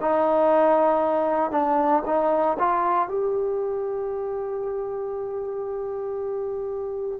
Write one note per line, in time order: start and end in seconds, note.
0.00 1.51 D#4
1.51 2.03 D4
2.05 2.57 D#4
2.59 3.08 F4
3.08 7.20 G4